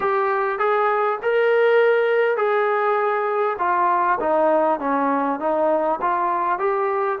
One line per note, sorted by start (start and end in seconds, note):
0.00 0.58 G4
0.58 1.18 G#4
1.22 2.36 A#4
2.36 3.56 G#4
3.58 4.18 F4
4.20 4.79 D#4
4.79 5.39 C#4
5.39 5.99 D#4
6.01 6.58 F4
6.58 7.18 G4